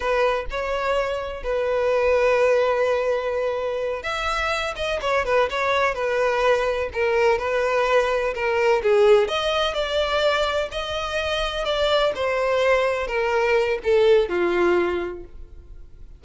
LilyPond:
\new Staff \with { instrumentName = "violin" } { \time 4/4 \tempo 4 = 126 b'4 cis''2 b'4~ | b'1~ | b'8 e''4. dis''8 cis''8 b'8 cis''8~ | cis''8 b'2 ais'4 b'8~ |
b'4. ais'4 gis'4 dis''8~ | dis''8 d''2 dis''4.~ | dis''8 d''4 c''2 ais'8~ | ais'4 a'4 f'2 | }